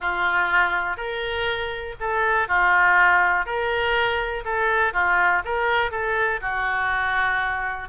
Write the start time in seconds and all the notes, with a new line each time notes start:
0.00 F4
0.96 A#4
2.00 A4
2.47 F4
3.45 A#4
4.44 A4
4.93 F4
5.44 A#4
5.91 A4
6.41 F#4